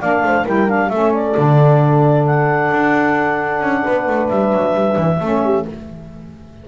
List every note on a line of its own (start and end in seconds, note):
0.00 0.23 A#3
0.00 0.47 D4
0.00 0.23 D5
0.00 0.46 F5
0.23 0.45 A3
0.23 0.44 C5
0.44 0.90 G3
0.44 0.68 E4
0.44 0.89 A#4
0.44 0.69 G5
0.68 0.90 D4
0.68 0.89 F5
0.89 1.35 A3
0.89 1.35 C#4
0.89 3.83 A4
0.89 1.12 E5
1.14 2.26 D5
1.35 2.71 D3
1.35 5.19 D4
2.26 4.29 F#5
2.71 3.61 D4
3.61 3.83 C#4
3.83 4.07 B3
3.83 5.18 B4
4.07 4.29 A3
4.29 4.52 G3
4.29 5.64 E5
4.52 4.73 F#3
4.73 4.96 G3
4.97 5.19 E3
5.20 5.65 A3
5.20 5.68 C#4
5.20 5.42 A4
5.44 5.67 G4